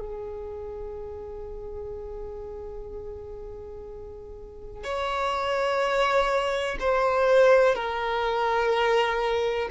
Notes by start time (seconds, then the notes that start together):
0.00 G#4
4.84 C#5
6.80 C5
7.75 A#4